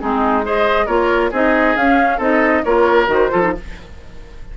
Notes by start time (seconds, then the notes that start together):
0.00 G#3 C4 D#4 G#4
0.44 G#4 C5 D#5
0.86 A#3 F4 A#4 C#5
1.30 C4 D#4 G#4 D#5
1.76 C#4 F5
2.17 C4 D#4 A4 D#5
2.64 A#3 F4 A#4 C#5
3.07 D#3 F#4 C5
3.30 F3 F4 A4
3.41 D#4